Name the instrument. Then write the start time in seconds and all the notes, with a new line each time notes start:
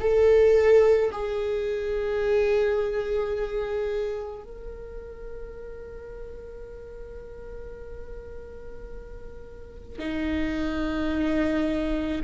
viola
0.00 A4
1.12 G#4
4.44 A#4
9.99 D#4